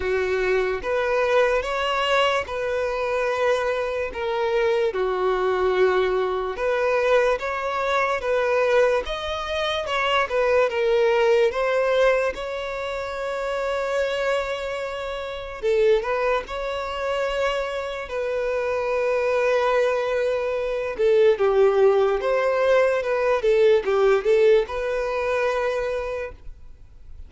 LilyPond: \new Staff \with { instrumentName = "violin" } { \time 4/4 \tempo 4 = 73 fis'4 b'4 cis''4 b'4~ | b'4 ais'4 fis'2 | b'4 cis''4 b'4 dis''4 | cis''8 b'8 ais'4 c''4 cis''4~ |
cis''2. a'8 b'8 | cis''2 b'2~ | b'4. a'8 g'4 c''4 | b'8 a'8 g'8 a'8 b'2 | }